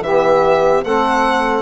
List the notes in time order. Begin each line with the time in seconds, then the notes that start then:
0.00 E3 B3 G4 E5
0.84 A3 C4 A4 F#5